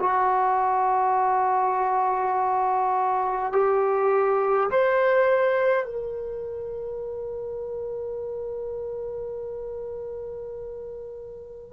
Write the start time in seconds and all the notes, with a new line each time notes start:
0.00 F#4
3.52 G4
4.71 C5
5.86 A#4